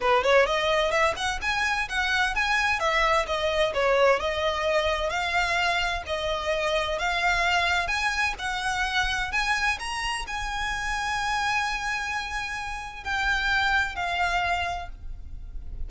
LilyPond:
\new Staff \with { instrumentName = "violin" } { \time 4/4 \tempo 4 = 129 b'8 cis''8 dis''4 e''8 fis''8 gis''4 | fis''4 gis''4 e''4 dis''4 | cis''4 dis''2 f''4~ | f''4 dis''2 f''4~ |
f''4 gis''4 fis''2 | gis''4 ais''4 gis''2~ | gis''1 | g''2 f''2 | }